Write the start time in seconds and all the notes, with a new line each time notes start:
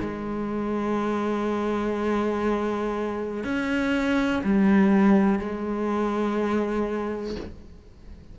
0.00 G#3
3.44 C#4
4.44 G3
5.39 G#3